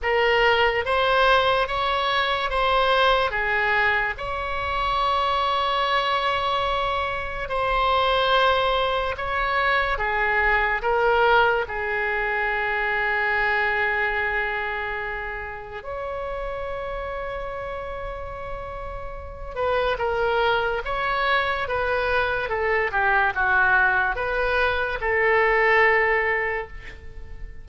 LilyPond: \new Staff \with { instrumentName = "oboe" } { \time 4/4 \tempo 4 = 72 ais'4 c''4 cis''4 c''4 | gis'4 cis''2.~ | cis''4 c''2 cis''4 | gis'4 ais'4 gis'2~ |
gis'2. cis''4~ | cis''2.~ cis''8 b'8 | ais'4 cis''4 b'4 a'8 g'8 | fis'4 b'4 a'2 | }